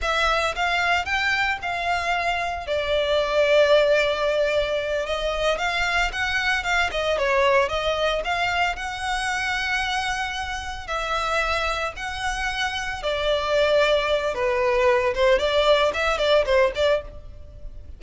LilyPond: \new Staff \with { instrumentName = "violin" } { \time 4/4 \tempo 4 = 113 e''4 f''4 g''4 f''4~ | f''4 d''2.~ | d''4. dis''4 f''4 fis''8~ | fis''8 f''8 dis''8 cis''4 dis''4 f''8~ |
f''8 fis''2.~ fis''8~ | fis''8 e''2 fis''4.~ | fis''8 d''2~ d''8 b'4~ | b'8 c''8 d''4 e''8 d''8 c''8 d''8 | }